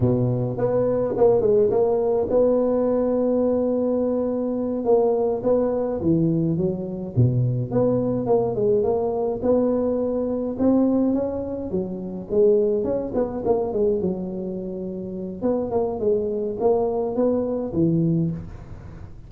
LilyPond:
\new Staff \with { instrumentName = "tuba" } { \time 4/4 \tempo 4 = 105 b,4 b4 ais8 gis8 ais4 | b1~ | b8 ais4 b4 e4 fis8~ | fis8 b,4 b4 ais8 gis8 ais8~ |
ais8 b2 c'4 cis'8~ | cis'8 fis4 gis4 cis'8 b8 ais8 | gis8 fis2~ fis8 b8 ais8 | gis4 ais4 b4 e4 | }